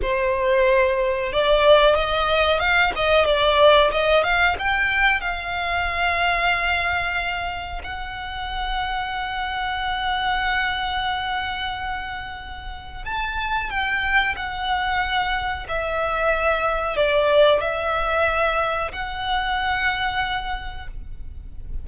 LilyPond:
\new Staff \with { instrumentName = "violin" } { \time 4/4 \tempo 4 = 92 c''2 d''4 dis''4 | f''8 dis''8 d''4 dis''8 f''8 g''4 | f''1 | fis''1~ |
fis''1 | a''4 g''4 fis''2 | e''2 d''4 e''4~ | e''4 fis''2. | }